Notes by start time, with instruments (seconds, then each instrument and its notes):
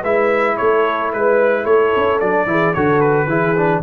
0.00 tuba G#3, trombone E4, horn B4, trumpet E5
0.57 tuba A3, horn A4, trumpet C#5
1.13 tuba G#3, trumpet B4, horn B4
1.64 tuba A3, horn A4, trumpet C#5
1.96 tuba C#4
2.20 tuba F#3, trombone D4, trumpet D5
2.46 tuba E3, trombone E4, horn G#4
2.74 tuba D3, trombone F#4, horn A4, trumpet C#5
3.00 trumpet B4
3.27 tuba E3, trombone E4, horn G#4
3.56 trombone D4